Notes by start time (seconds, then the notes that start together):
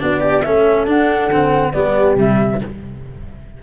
0.00 B3 D4 F#4 D5
0.21 D4 G4
0.42 A3 C#4 A4 E5
0.87 D4 F#5
1.28 D3 C4
1.73 G3 B3 G4 D5
2.15 C3 G3 E5